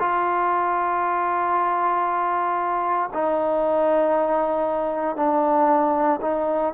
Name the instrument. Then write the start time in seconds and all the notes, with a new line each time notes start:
trombone
0.00 F4
3.14 D#4
5.16 D4
6.22 D#4